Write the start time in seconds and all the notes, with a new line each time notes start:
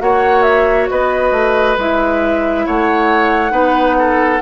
0.00 A#3 F#4 C#5 F#5
0.43 E5
0.90 B3 B4 D#5
1.32 A3
1.78 G#3 E4 E5
2.66 A3 C#5 F#5
3.51 B3 D#4 B4
3.99 A4